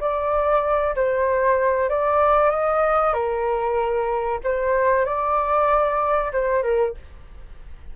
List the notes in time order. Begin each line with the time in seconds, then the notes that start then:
0.00 D5
0.95 C5
1.89 D5
2.50 D#5
3.13 A#4
4.44 C5
5.05 D5
6.33 C5
6.63 A#4